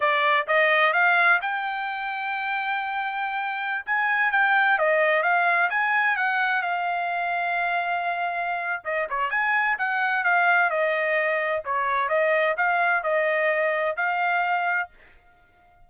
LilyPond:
\new Staff \with { instrumentName = "trumpet" } { \time 4/4 \tempo 4 = 129 d''4 dis''4 f''4 g''4~ | g''1~ | g''16 gis''4 g''4 dis''4 f''8.~ | f''16 gis''4 fis''4 f''4.~ f''16~ |
f''2. dis''8 cis''8 | gis''4 fis''4 f''4 dis''4~ | dis''4 cis''4 dis''4 f''4 | dis''2 f''2 | }